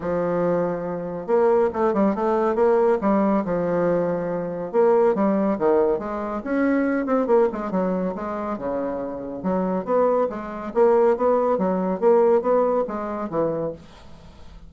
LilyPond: \new Staff \with { instrumentName = "bassoon" } { \time 4/4 \tempo 4 = 140 f2. ais4 | a8 g8 a4 ais4 g4 | f2. ais4 | g4 dis4 gis4 cis'4~ |
cis'8 c'8 ais8 gis8 fis4 gis4 | cis2 fis4 b4 | gis4 ais4 b4 fis4 | ais4 b4 gis4 e4 | }